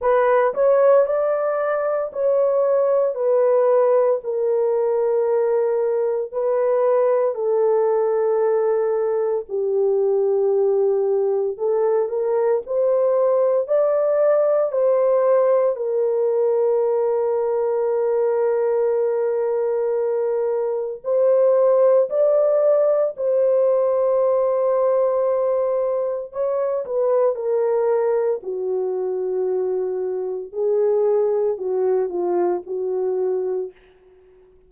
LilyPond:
\new Staff \with { instrumentName = "horn" } { \time 4/4 \tempo 4 = 57 b'8 cis''8 d''4 cis''4 b'4 | ais'2 b'4 a'4~ | a'4 g'2 a'8 ais'8 | c''4 d''4 c''4 ais'4~ |
ais'1 | c''4 d''4 c''2~ | c''4 cis''8 b'8 ais'4 fis'4~ | fis'4 gis'4 fis'8 f'8 fis'4 | }